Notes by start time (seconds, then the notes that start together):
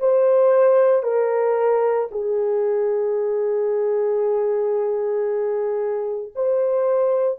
0.00 C5
1.03 A#4
2.11 G#4
6.36 C5